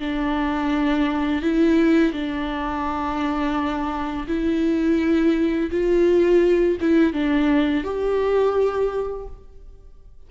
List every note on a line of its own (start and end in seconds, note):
0.00 1.43 D4
1.43 2.13 E4
2.13 4.27 D4
4.28 5.70 E4
5.71 6.78 F4
6.81 7.13 E4
7.13 7.84 D4
7.84 9.27 G4